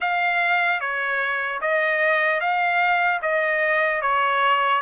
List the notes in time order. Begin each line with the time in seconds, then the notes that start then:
0.00 F5
0.80 C#5
1.61 D#5
2.40 F5
3.21 D#5
4.01 C#5